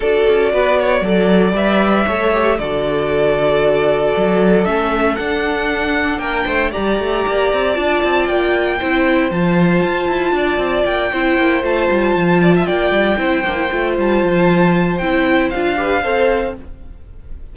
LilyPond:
<<
  \new Staff \with { instrumentName = "violin" } { \time 4/4 \tempo 4 = 116 d''2. e''4~ | e''4 d''2.~ | d''4 e''4 fis''2 | g''4 ais''2 a''4 |
g''2 a''2~ | a''4 g''4. a''4.~ | a''8 g''2~ g''8 a''4~ | a''4 g''4 f''2 | }
  \new Staff \with { instrumentName = "violin" } { \time 4/4 a'4 b'8 cis''8 d''2 | cis''4 a'2.~ | a'1 | ais'8 c''8 d''2.~ |
d''4 c''2. | d''4. c''2~ c''8 | d''16 e''16 d''4 c''2~ c''8~ | c''2~ c''8 b'8 c''4 | }
  \new Staff \with { instrumentName = "viola" } { \time 4/4 fis'2 a'4 b'4 | a'8 g'8 fis'2.~ | fis'4 cis'4 d'2~ | d'4 g'2 f'4~ |
f'4 e'4 f'2~ | f'4. e'4 f'4.~ | f'4. e'8 d'16 e'16 f'4.~ | f'4 e'4 f'8 g'8 a'4 | }
  \new Staff \with { instrumentName = "cello" } { \time 4/4 d'8 cis'8 b4 fis4 g4 | a4 d2. | fis4 a4 d'2 | ais8 a8 g8 a8 ais8 c'8 d'8 c'8 |
ais4 c'4 f4 f'8 e'8 | d'8 c'8 ais8 c'8 ais8 a8 g8 f8~ | f8 ais8 g8 c'8 ais8 a8 g8 f8~ | f4 c'4 d'4 c'4 | }
>>